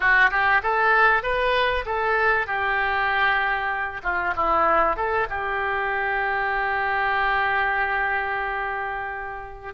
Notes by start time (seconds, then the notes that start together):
0.00 F#4
0.30 G4
0.62 A4
1.22 B4
1.85 A4
2.46 G4
4.03 F4
4.36 E4
4.96 A4
5.29 G4